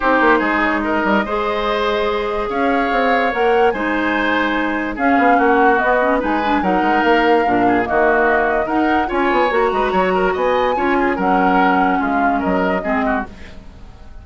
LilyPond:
<<
  \new Staff \with { instrumentName = "flute" } { \time 4/4 \tempo 4 = 145 c''4. cis''8 dis''2~ | dis''2 f''2 | fis''4 gis''2. | f''4 fis''4 dis''4 gis''4 |
fis''4 f''2 dis''4~ | dis''4 fis''4 gis''4 ais''4~ | ais''4 gis''2 fis''4~ | fis''4 f''4 dis''2 | }
  \new Staff \with { instrumentName = "oboe" } { \time 4/4 g'4 gis'4 ais'4 c''4~ | c''2 cis''2~ | cis''4 c''2. | gis'4 fis'2 b'4 |
ais'2~ ais'8 gis'8 fis'4~ | fis'4 ais'4 cis''4. b'8 | cis''8 ais'8 dis''4 cis''8 gis'8 ais'4~ | ais'4 f'4 ais'4 gis'8 fis'8 | }
  \new Staff \with { instrumentName = "clarinet" } { \time 4/4 dis'2. gis'4~ | gis'1 | ais'4 dis'2. | cis'2 b8 cis'8 dis'8 d'8 |
dis'2 d'4 ais4~ | ais4 dis'4 f'4 fis'4~ | fis'2 f'4 cis'4~ | cis'2. c'4 | }
  \new Staff \with { instrumentName = "bassoon" } { \time 4/4 c'8 ais8 gis4. g8 gis4~ | gis2 cis'4 c'4 | ais4 gis2. | cis'8 b8 ais4 b4 gis4 |
fis8 gis8 ais4 ais,4 dis4~ | dis4 dis'4 cis'8 b8 ais8 gis8 | fis4 b4 cis'4 fis4~ | fis4 gis4 fis4 gis4 | }
>>